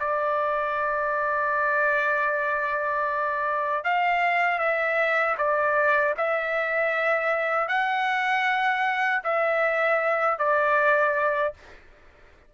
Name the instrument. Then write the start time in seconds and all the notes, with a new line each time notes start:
trumpet
0.00 D5
3.84 F5
4.59 E5
5.38 D5
6.17 E5
7.69 F#5
9.24 E5
10.39 D5